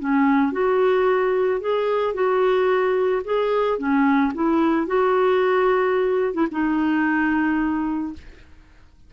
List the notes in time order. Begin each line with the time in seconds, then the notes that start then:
0.00 C#4
0.52 F#4
1.60 G#4
2.14 F#4
3.25 G#4
3.78 C#4
4.35 E4
4.87 F#4
6.34 E4
6.51 D#4